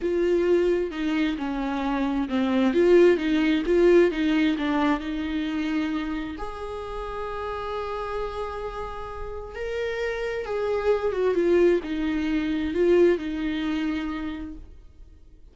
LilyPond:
\new Staff \with { instrumentName = "viola" } { \time 4/4 \tempo 4 = 132 f'2 dis'4 cis'4~ | cis'4 c'4 f'4 dis'4 | f'4 dis'4 d'4 dis'4~ | dis'2 gis'2~ |
gis'1~ | gis'4 ais'2 gis'4~ | gis'8 fis'8 f'4 dis'2 | f'4 dis'2. | }